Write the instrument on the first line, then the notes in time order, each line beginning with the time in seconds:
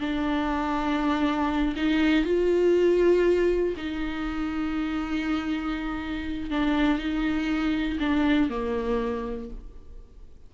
viola
0.00 D4
1.76 D#4
2.25 F4
3.77 D#4
6.51 D4
6.98 D#4
8.00 D4
8.50 A#3